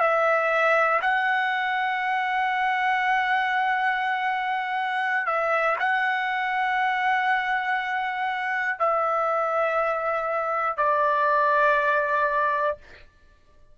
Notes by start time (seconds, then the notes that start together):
0.00 E5
1.01 F#5
5.26 E5
5.79 F#5
8.79 E5
10.77 D5